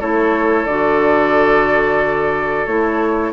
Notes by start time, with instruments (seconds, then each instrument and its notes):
0.00 bassoon A3, clarinet E4, oboe A4, flute C#5
0.66 bassoon D3, clarinet F#4, flute D5
2.66 bassoon A3, clarinet E4, flute C#5